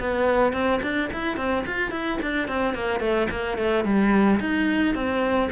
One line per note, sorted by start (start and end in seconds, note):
0.00 0.53 B3
0.53 0.81 C4
0.83 1.10 D4
1.13 1.37 E4
1.37 1.65 C4
1.67 1.92 F4
1.92 2.19 E4
2.22 2.48 D4
2.48 2.75 C4
2.75 3.00 A#3
3.00 3.28 A3
3.31 3.58 A#3
3.58 3.85 A3
3.85 4.40 G3
4.40 4.95 D#4
4.95 5.50 C4